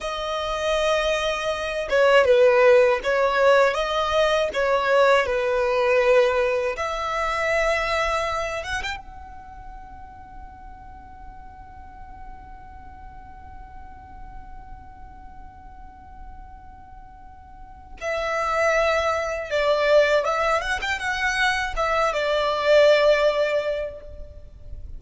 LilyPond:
\new Staff \with { instrumentName = "violin" } { \time 4/4 \tempo 4 = 80 dis''2~ dis''8 cis''8 b'4 | cis''4 dis''4 cis''4 b'4~ | b'4 e''2~ e''8 fis''16 g''16 | fis''1~ |
fis''1~ | fis''1 | e''2 d''4 e''8 fis''16 g''16 | fis''4 e''8 d''2~ d''8 | }